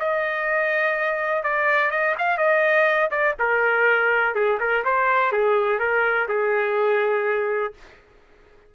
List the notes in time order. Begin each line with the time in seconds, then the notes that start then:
0.00 D#5
1.44 D5
1.91 D#5
2.19 F5
2.38 D#5
3.11 D5
3.40 A#4
4.35 G#4
4.60 A#4
4.85 C5
5.33 G#4
5.80 A#4
6.29 G#4